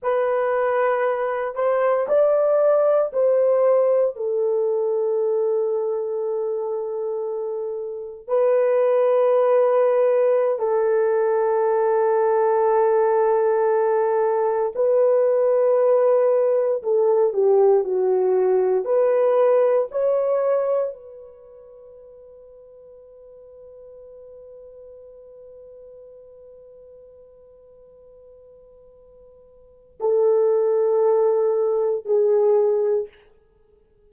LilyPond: \new Staff \with { instrumentName = "horn" } { \time 4/4 \tempo 4 = 58 b'4. c''8 d''4 c''4 | a'1 | b'2~ b'16 a'4.~ a'16~ | a'2~ a'16 b'4.~ b'16~ |
b'16 a'8 g'8 fis'4 b'4 cis''8.~ | cis''16 b'2.~ b'8.~ | b'1~ | b'4 a'2 gis'4 | }